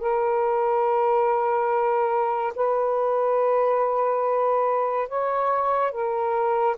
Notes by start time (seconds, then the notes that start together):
0.00 A#4
2.56 B4
5.09 C#5
5.92 A#4